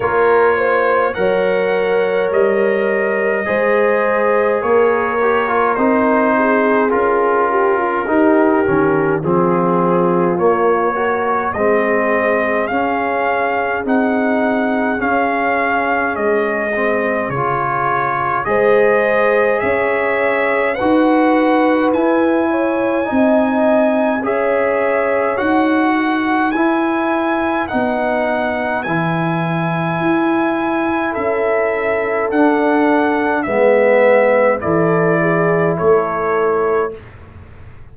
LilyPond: <<
  \new Staff \with { instrumentName = "trumpet" } { \time 4/4 \tempo 4 = 52 cis''4 fis''4 dis''2 | cis''4 c''4 ais'2 | gis'4 cis''4 dis''4 f''4 | fis''4 f''4 dis''4 cis''4 |
dis''4 e''4 fis''4 gis''4~ | gis''4 e''4 fis''4 gis''4 | fis''4 gis''2 e''4 | fis''4 e''4 d''4 cis''4 | }
  \new Staff \with { instrumentName = "horn" } { \time 4/4 ais'8 c''8 cis''2 c''4 | ais'4. gis'4 g'16 f'16 g'4 | f'4. ais'8 gis'2~ | gis'1 |
c''4 cis''4 b'4. cis''8 | dis''4 cis''4. b'4.~ | b'2. a'4~ | a'4 b'4 a'8 gis'8 a'4 | }
  \new Staff \with { instrumentName = "trombone" } { \time 4/4 f'4 ais'2 gis'4~ | gis'8 g'16 f'16 dis'4 f'4 dis'8 cis'8 | c'4 ais8 fis'8 c'4 cis'4 | dis'4 cis'4. c'8 f'4 |
gis'2 fis'4 e'4 | dis'4 gis'4 fis'4 e'4 | dis'4 e'2. | d'4 b4 e'2 | }
  \new Staff \with { instrumentName = "tuba" } { \time 4/4 ais4 fis4 g4 gis4 | ais4 c'4 cis'4 dis'8 dis8 | f4 ais4 gis4 cis'4 | c'4 cis'4 gis4 cis4 |
gis4 cis'4 dis'4 e'4 | c'4 cis'4 dis'4 e'4 | b4 e4 e'4 cis'4 | d'4 gis4 e4 a4 | }
>>